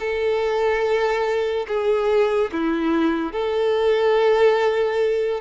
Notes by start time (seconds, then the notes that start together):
0.00 A4
1.68 G#4
2.53 E4
3.33 A4